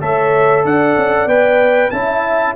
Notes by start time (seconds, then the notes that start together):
0.00 A3 A4 C#5 E5
0.64 D4 D5 F#5
0.97 C#4
1.26 B3 B4 G5
1.90 C#4 E4 E5 A5